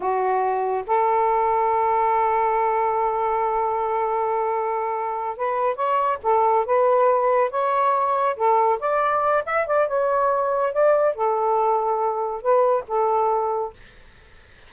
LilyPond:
\new Staff \with { instrumentName = "saxophone" } { \time 4/4 \tempo 4 = 140 fis'2 a'2~ | a'1~ | a'1~ | a'8 b'4 cis''4 a'4 b'8~ |
b'4. cis''2 a'8~ | a'8 d''4. e''8 d''8 cis''4~ | cis''4 d''4 a'2~ | a'4 b'4 a'2 | }